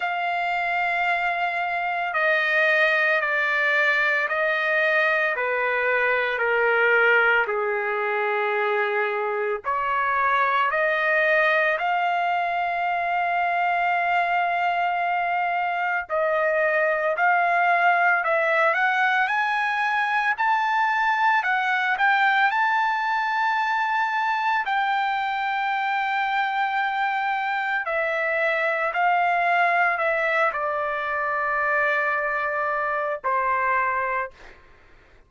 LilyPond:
\new Staff \with { instrumentName = "trumpet" } { \time 4/4 \tempo 4 = 56 f''2 dis''4 d''4 | dis''4 b'4 ais'4 gis'4~ | gis'4 cis''4 dis''4 f''4~ | f''2. dis''4 |
f''4 e''8 fis''8 gis''4 a''4 | fis''8 g''8 a''2 g''4~ | g''2 e''4 f''4 | e''8 d''2~ d''8 c''4 | }